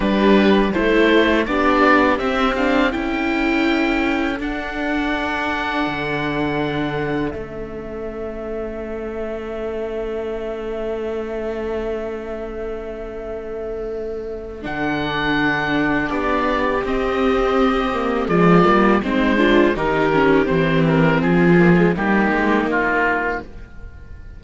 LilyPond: <<
  \new Staff \with { instrumentName = "oboe" } { \time 4/4 \tempo 4 = 82 b'4 c''4 d''4 e''8 f''8 | g''2 fis''2~ | fis''2 e''2~ | e''1~ |
e''1 | fis''2 d''4 dis''4~ | dis''4 d''4 c''4 ais'4 | c''8 ais'8 gis'4 g'4 f'4 | }
  \new Staff \with { instrumentName = "viola" } { \time 4/4 g'4 a'4 g'2 | a'1~ | a'1~ | a'1~ |
a'1~ | a'2 g'2~ | g'4 f'4 dis'8 f'8 g'4~ | g'4 f'4 dis'2 | }
  \new Staff \with { instrumentName = "viola" } { \time 4/4 d'4 e'4 d'4 c'8 d'8 | e'2 d'2~ | d'2 cis'2~ | cis'1~ |
cis'1 | d'2. c'4~ | c'8 ais8 gis8 ais8 c'8 d'8 dis'8 cis'8 | c'4. ais16 gis16 ais2 | }
  \new Staff \with { instrumentName = "cello" } { \time 4/4 g4 a4 b4 c'4 | cis'2 d'2 | d2 a2~ | a1~ |
a1 | d2 b4 c'4~ | c'4 f8 g8 gis4 dis4 | e4 f4 g8 gis8 ais4 | }
>>